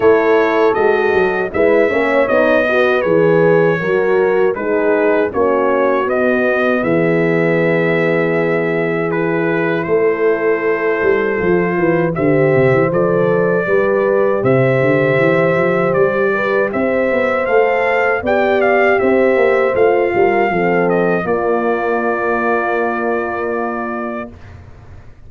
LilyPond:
<<
  \new Staff \with { instrumentName = "trumpet" } { \time 4/4 \tempo 4 = 79 cis''4 dis''4 e''4 dis''4 | cis''2 b'4 cis''4 | dis''4 e''2. | b'4 c''2. |
e''4 d''2 e''4~ | e''4 d''4 e''4 f''4 | g''8 f''8 e''4 f''4. dis''8 | d''1 | }
  \new Staff \with { instrumentName = "horn" } { \time 4/4 a'2 b'8 cis''4 b'8~ | b'4 ais'4 gis'4 fis'4~ | fis'4 gis'2.~ | gis'4 a'2~ a'8 b'8 |
c''2 b'4 c''4~ | c''4. b'8 c''2 | d''4 c''4. ais'8 a'4 | f'1 | }
  \new Staff \with { instrumentName = "horn" } { \time 4/4 e'4 fis'4 e'8 cis'8 dis'8 fis'8 | gis'4 fis'4 dis'4 cis'4 | b1 | e'2. f'4 |
g'4 a'4 g'2~ | g'2. a'4 | g'2 f'4 c'4 | ais1 | }
  \new Staff \with { instrumentName = "tuba" } { \time 4/4 a4 gis8 fis8 gis8 ais8 b4 | e4 fis4 gis4 ais4 | b4 e2.~ | e4 a4. g8 f8 e8 |
d8 c16 e16 f4 g4 c8 d8 | e8 f8 g4 c'8 b8 a4 | b4 c'8 ais8 a8 g8 f4 | ais1 | }
>>